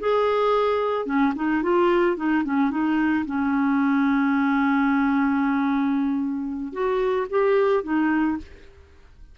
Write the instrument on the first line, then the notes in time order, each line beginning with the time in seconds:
clarinet
0.00 G#4
1.06 C#4
1.36 D#4
1.63 F4
2.17 D#4
2.44 C#4
2.71 D#4
3.26 C#4
6.73 F#4
7.30 G4
7.84 D#4